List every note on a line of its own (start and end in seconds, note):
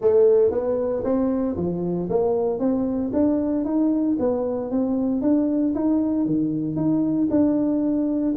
0.01 0.51 A3
0.51 1.03 B3
1.04 1.56 C4
1.56 2.08 F3
2.09 2.59 A#3
2.59 3.11 C4
3.13 3.65 D4
3.65 4.17 D#4
4.19 4.70 B3
4.70 5.21 C4
5.21 5.73 D4
5.74 6.25 D#4
6.25 6.76 D#3
6.76 7.28 D#4
7.30 8.34 D4